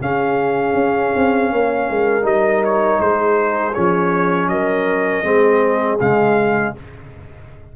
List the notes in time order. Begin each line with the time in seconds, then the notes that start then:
0.00 C#3 C#4 G#4 F5
0.74 C#4
1.15 C4
1.51 A#3 C#5
1.89 G#3 A#4
2.22 G3 D#4 D#5
2.64 C#5
2.99 G#3 G#4 C5
3.73 F3 C#4 C#5
4.47 F#3 A#4 D#5
5.23 G#3 C4 G#4
6.00 C#3 G#3 F5